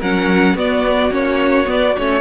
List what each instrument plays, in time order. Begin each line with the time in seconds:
0.00 cello F#3, viola C#4, violin A#4 F#5
0.55 cello B3, viola B3, violin F#4 D5
1.11 cello A#3, viola C#4, violin C#5
1.66 viola B3, cello B3, violin D5
1.98 cello A3, viola C#4, violin C#5